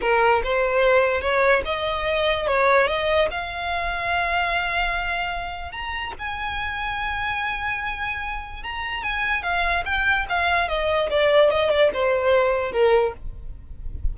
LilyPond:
\new Staff \with { instrumentName = "violin" } { \time 4/4 \tempo 4 = 146 ais'4 c''2 cis''4 | dis''2 cis''4 dis''4 | f''1~ | f''2 ais''4 gis''4~ |
gis''1~ | gis''4 ais''4 gis''4 f''4 | g''4 f''4 dis''4 d''4 | dis''8 d''8 c''2 ais'4 | }